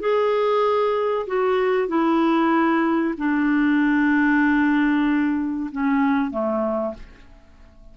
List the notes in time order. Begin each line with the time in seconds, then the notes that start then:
0.00 G#4
1.27 F#4
1.88 E4
3.18 D4
5.72 C#4
6.31 A3